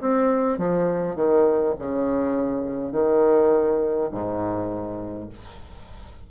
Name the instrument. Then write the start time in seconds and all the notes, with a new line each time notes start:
bassoon
0.00 C4
0.58 F3
1.16 D#3
1.79 C#3
2.91 D#3
4.11 G#2